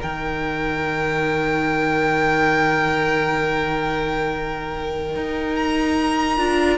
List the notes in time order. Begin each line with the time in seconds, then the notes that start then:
0.00 D#3 D#4 A#4 G5
5.15 D#4
5.55 A#5
6.37 D4 F4